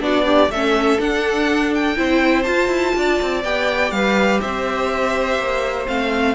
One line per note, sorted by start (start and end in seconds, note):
0.00 0.49 B3
0.00 0.25 D4
0.00 0.23 F#4
0.00 0.51 D5
0.23 0.47 D4
0.23 0.49 G4
0.49 0.98 A3
0.49 0.99 C#4
0.49 1.98 A4
0.49 1.00 E5
0.99 1.96 D4
0.99 1.98 D4
0.99 1.74 F#5
1.74 2.43 G5
1.96 2.46 C4
1.96 2.44 E4
1.96 2.95 C5
2.43 3.43 F4
2.43 2.68 F4
2.43 3.41 A5
2.68 2.93 E4
2.96 3.20 D4
2.96 3.95 D5
3.22 3.44 C4
3.44 3.91 B3
3.44 5.86 G4
3.44 3.91 G5
3.91 4.40 G3
3.91 4.41 B4
3.91 4.40 F5
4.41 5.39 C4
4.41 6.35 C5
4.41 5.87 E5
5.39 5.87 A#3
5.86 6.35 A3
5.86 6.35 C4
5.86 6.35 F5